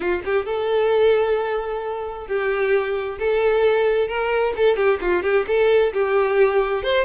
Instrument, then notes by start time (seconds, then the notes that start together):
violin
0.00 F4
0.24 G4
0.45 A4
2.27 G4
3.18 A4
4.08 A#4
4.56 A4
4.76 G4
5.01 F4
5.23 G4
5.47 A4
5.93 G4
6.83 C5